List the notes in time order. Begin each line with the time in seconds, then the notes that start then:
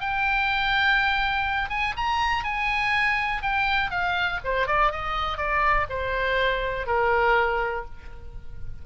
0.00 G5
1.69 G#5
1.96 A#5
2.44 G#5
3.42 G5
3.90 F5
4.44 C5
4.67 D5
4.91 D#5
5.37 D5
5.89 C5
6.86 A#4